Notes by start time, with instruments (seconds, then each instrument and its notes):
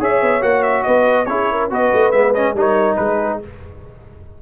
0.00 tuba C#4, trombone G#4, horn C#5, trumpet E5
0.21 tuba B3
0.41 tuba A#3, trombone F#4, trumpet F#5
0.63 trumpet E5
0.83 tuba B3, horn B4, trumpet D#5
1.25 tuba C#4, trombone E4, horn G#4, trumpet C#5
1.52 horn A#4
1.70 tuba B3, trombone F#4, horn B4, trumpet D#5
1.93 tuba A3
2.12 tuba G#3, trombone B3, trumpet E5
2.34 trombone C#4, trumpet D#5
2.54 tuba G3, trombone D#4, horn A#4, trumpet C#5
2.96 tuba G#3, horn G#4, trumpet B4